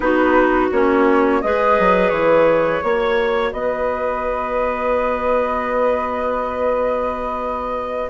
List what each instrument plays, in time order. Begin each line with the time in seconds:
0.00 bassoon B3, clarinet D#4 F#4, flute B4
0.71 bassoon A#3, clarinet C#4, flute C#5
1.41 bassoon G#3, clarinet G#4 B4, flute D#5
1.79 bassoon F#3
2.09 bassoon E3, flute C#5
2.82 bassoon A#3, clarinet F#4 C#5
3.52 bassoon B3, clarinet B4, flute D#5